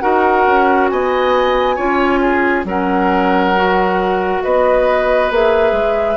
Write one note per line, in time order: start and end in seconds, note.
0.00 0.47 D#4
0.00 1.77 F#4
0.00 0.90 A#4
0.00 0.88 F#5
0.47 0.91 C#4
0.89 1.78 B3
0.89 1.76 D#5
0.89 2.65 G#5
1.76 2.65 C#4
1.76 2.65 F4
1.76 2.20 C#5
2.21 2.65 G#4
2.65 4.41 F#3
2.65 3.55 C#4
2.65 4.43 A#4
2.65 4.43 F#5
3.56 5.32 F#4
4.43 5.31 B3
4.43 6.16 B4
4.43 5.31 D#5
5.31 5.72 A#3
5.31 6.16 G#4
5.31 6.16 E5
5.72 6.16 G#3